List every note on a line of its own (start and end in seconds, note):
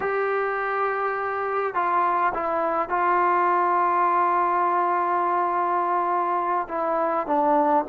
0.00 1.74 G4
1.74 2.32 F4
2.34 2.89 E4
2.89 6.67 F4
6.68 7.26 E4
7.26 7.85 D4